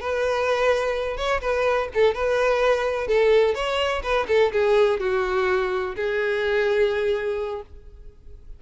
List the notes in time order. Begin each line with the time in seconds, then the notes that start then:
0.00 B4
1.17 C#5
1.41 B4
1.94 A4
2.14 B4
3.07 A4
3.54 C#5
4.03 B4
4.28 A4
4.52 G#4
5.00 F#4
5.95 G#4